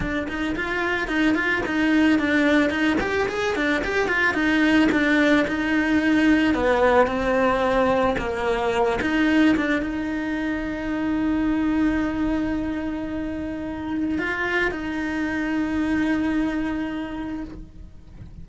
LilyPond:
\new Staff \with { instrumentName = "cello" } { \time 4/4 \tempo 4 = 110 d'8 dis'8 f'4 dis'8 f'8 dis'4 | d'4 dis'8 g'8 gis'8 d'8 g'8 f'8 | dis'4 d'4 dis'2 | b4 c'2 ais4~ |
ais8 dis'4 d'8 dis'2~ | dis'1~ | dis'2 f'4 dis'4~ | dis'1 | }